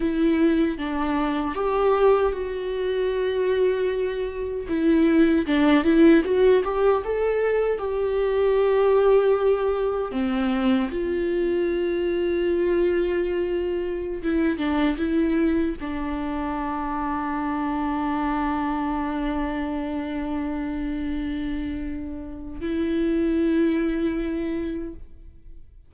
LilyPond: \new Staff \with { instrumentName = "viola" } { \time 4/4 \tempo 4 = 77 e'4 d'4 g'4 fis'4~ | fis'2 e'4 d'8 e'8 | fis'8 g'8 a'4 g'2~ | g'4 c'4 f'2~ |
f'2~ f'16 e'8 d'8 e'8.~ | e'16 d'2.~ d'8.~ | d'1~ | d'4 e'2. | }